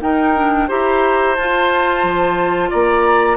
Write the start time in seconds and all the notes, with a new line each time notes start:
0.00 D#4 A#4 G5
0.35 D4
0.68 E4 G4 C5 A#5
1.35 F4 A5
2.03 F3
2.70 A#3 D5 A#5